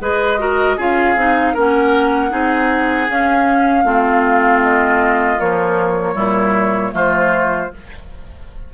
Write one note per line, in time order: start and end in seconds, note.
0.00 0.77 G#3
0.00 0.38 G#4
0.00 0.40 B4
0.00 0.79 D#5
0.38 0.77 F#4
0.38 0.76 A#4
0.76 1.15 C#4
0.76 1.17 F4
0.76 1.53 G#4
0.76 1.57 F5
1.15 1.54 C4
1.15 1.56 D#4
1.53 2.32 A#3
1.53 2.30 C#4
1.53 2.30 A#4
1.53 3.09 F#5
2.30 3.08 C4
2.30 3.07 D#4
2.30 3.84 G#4
3.09 3.83 C#4
3.09 3.84 C#4
3.09 4.62 F5
3.83 5.37 A3
3.83 5.38 C4
3.83 6.14 F4
4.62 5.39 D#5
5.38 6.14 F3
5.38 6.15 A#3
5.38 6.94 C#5
6.14 6.93 A#2
6.14 6.91 G3
6.14 6.91 E4
6.92 7.70 F3
6.92 7.68 A3
6.92 7.71 F4
6.92 7.73 C5